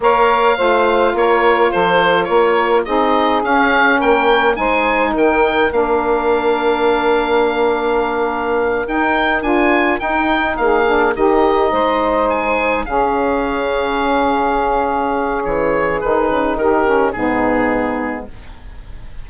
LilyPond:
<<
  \new Staff \with { instrumentName = "oboe" } { \time 4/4 \tempo 4 = 105 f''2 cis''4 c''4 | cis''4 dis''4 f''4 g''4 | gis''4 g''4 f''2~ | f''2.~ f''8 g''8~ |
g''8 gis''4 g''4 f''4 dis''8~ | dis''4. gis''4 f''4.~ | f''2. cis''4 | b'4 ais'4 gis'2 | }
  \new Staff \with { instrumentName = "saxophone" } { \time 4/4 cis''4 c''4 ais'4 a'4 | ais'4 gis'2 ais'4 | c''4 ais'2.~ | ais'1~ |
ais'2~ ais'8 gis'4 g'8~ | g'8 c''2 gis'4.~ | gis'1~ | gis'4 g'4 dis'2 | }
  \new Staff \with { instrumentName = "saxophone" } { \time 4/4 ais'4 f'2.~ | f'4 dis'4 cis'2 | dis'2 d'2~ | d'2.~ d'8 dis'8~ |
dis'8 f'4 dis'4. d'8 dis'8~ | dis'2~ dis'8 cis'4.~ | cis'1 | dis'4. cis'8 b2 | }
  \new Staff \with { instrumentName = "bassoon" } { \time 4/4 ais4 a4 ais4 f4 | ais4 c'4 cis'4 ais4 | gis4 dis4 ais2~ | ais2.~ ais8 dis'8~ |
dis'8 d'4 dis'4 ais4 dis8~ | dis8 gis2 cis4.~ | cis2. e4 | dis8 cis8 dis4 gis,2 | }
>>